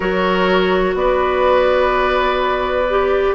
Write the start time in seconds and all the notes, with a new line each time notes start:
0.00 F#3 F#4 A#4 C#5
0.93 B3 B4 D5
2.89 G4